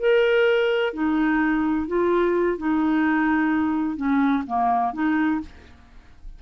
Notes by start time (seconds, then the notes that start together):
0.00 A#4
0.94 D#4
1.88 F4
2.58 D#4
3.97 C#4
4.47 A#3
4.94 D#4